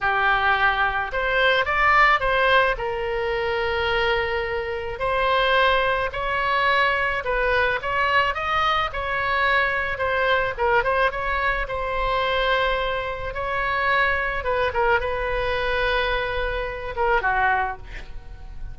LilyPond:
\new Staff \with { instrumentName = "oboe" } { \time 4/4 \tempo 4 = 108 g'2 c''4 d''4 | c''4 ais'2.~ | ais'4 c''2 cis''4~ | cis''4 b'4 cis''4 dis''4 |
cis''2 c''4 ais'8 c''8 | cis''4 c''2. | cis''2 b'8 ais'8 b'4~ | b'2~ b'8 ais'8 fis'4 | }